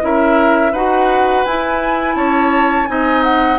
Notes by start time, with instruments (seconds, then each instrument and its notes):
0.00 bassoon C#4, clarinet E4, oboe A#4, flute E5
0.72 bassoon D#4, clarinet F#4, oboe B4, flute F#5
1.45 bassoon E4, clarinet E4, flute G#5
2.15 bassoon C#4, oboe C#5, flute A5
2.86 bassoon C4, clarinet D#4, oboe D#5, flute G#5
3.23 flute F#5